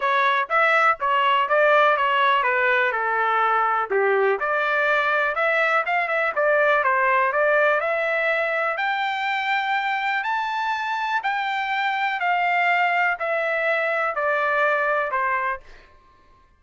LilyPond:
\new Staff \with { instrumentName = "trumpet" } { \time 4/4 \tempo 4 = 123 cis''4 e''4 cis''4 d''4 | cis''4 b'4 a'2 | g'4 d''2 e''4 | f''8 e''8 d''4 c''4 d''4 |
e''2 g''2~ | g''4 a''2 g''4~ | g''4 f''2 e''4~ | e''4 d''2 c''4 | }